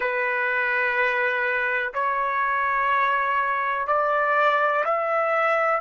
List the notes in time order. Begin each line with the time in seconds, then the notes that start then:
0.00 B4
1.94 C#5
3.87 D5
4.84 E5